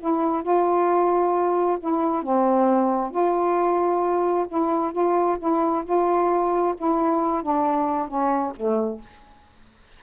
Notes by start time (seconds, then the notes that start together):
0.00 E4
0.43 F4
1.80 E4
2.23 C4
3.11 F4
4.48 E4
4.93 F4
5.39 E4
5.85 F4
6.78 E4
7.43 D4
8.08 C#4
8.56 A3